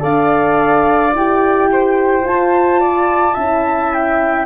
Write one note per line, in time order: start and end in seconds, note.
0.00 1.14 D4
0.00 1.11 A4
0.00 1.69 D5
0.00 1.14 F5
1.14 2.25 E4
1.14 2.22 G4
1.14 2.27 G5
1.72 2.81 C5
2.22 3.34 F4
2.22 3.37 F4
2.22 3.94 A5
2.81 3.34 D5
3.34 4.46 C#4
3.34 4.46 E4
3.34 4.46 E5
3.94 4.46 G5